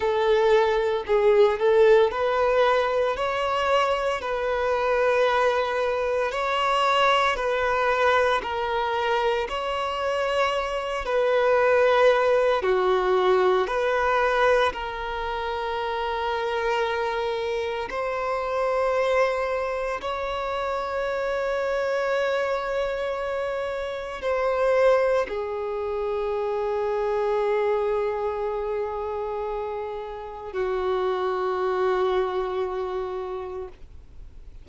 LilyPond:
\new Staff \with { instrumentName = "violin" } { \time 4/4 \tempo 4 = 57 a'4 gis'8 a'8 b'4 cis''4 | b'2 cis''4 b'4 | ais'4 cis''4. b'4. | fis'4 b'4 ais'2~ |
ais'4 c''2 cis''4~ | cis''2. c''4 | gis'1~ | gis'4 fis'2. | }